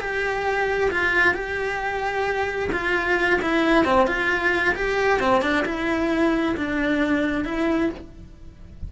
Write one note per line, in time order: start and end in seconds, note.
0.00 0.90 G4
0.91 1.34 F4
1.34 2.69 G4
2.72 3.40 F4
3.42 3.85 E4
3.85 4.07 C4
4.07 4.74 F4
4.75 5.19 G4
5.19 5.42 C4
5.42 5.64 D4
5.65 6.55 E4
6.56 7.44 D4
7.44 7.89 E4